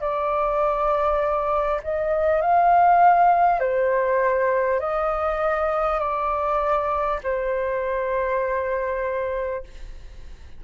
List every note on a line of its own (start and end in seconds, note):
0.00 1.80 D5
1.83 2.41 D#5
2.41 3.59 F5
3.59 4.79 C5
4.79 5.99 D#5
5.99 7.19 D5
7.23 9.63 C5